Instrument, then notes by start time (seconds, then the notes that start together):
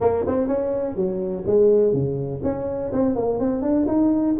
tuba
0.00 A#3
0.27 C4
0.47 C#4
0.95 F#3
1.46 G#3
1.93 C#3
2.43 C#4
2.92 C4
3.15 A#3
3.39 C4
3.62 D4
3.87 D#4